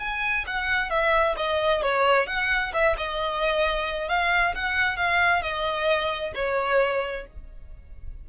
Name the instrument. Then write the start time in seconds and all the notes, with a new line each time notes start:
violin
0.00 G#5
0.47 F#5
0.90 E5
1.37 D#5
1.83 C#5
2.27 F#5
2.74 E5
2.98 D#5
4.09 F5
4.55 F#5
4.97 F5
5.42 D#5
6.35 C#5